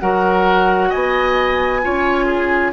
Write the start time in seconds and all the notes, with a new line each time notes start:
0.00 F#3 F#4 A#4 F#5
0.89 B3 D#5 G#5
1.82 C#4 F4 C#5
2.26 G#4